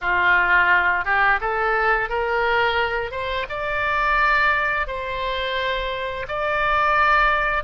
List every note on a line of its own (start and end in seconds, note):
0.01 1.04 F4
1.04 1.39 G4
1.40 2.09 A4
2.09 3.11 A#4
3.11 3.46 C5
3.49 4.87 D5
4.87 6.26 C5
6.28 7.63 D5